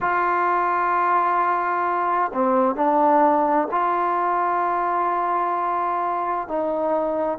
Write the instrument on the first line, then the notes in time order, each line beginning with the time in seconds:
trombone
0.00 F4
2.33 C4
2.75 D4
3.71 F4
6.47 D#4